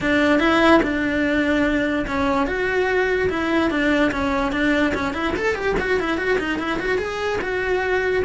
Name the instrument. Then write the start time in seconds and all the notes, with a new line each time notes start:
cello
0.00 D4
0.39 E4
0.82 D4
2.07 C#4
2.47 F#4
3.29 E4
3.70 D4
4.11 C#4
4.52 D4
4.94 C#4
5.13 E4
5.36 A4
5.55 G4
5.79 F#4
5.99 E4
6.17 F#4
6.38 D#4
6.58 E4
6.79 F#4
6.98 G#4
7.41 F#4